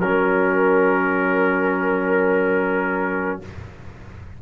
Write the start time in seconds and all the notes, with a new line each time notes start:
0.00 F#3 C#4 A#4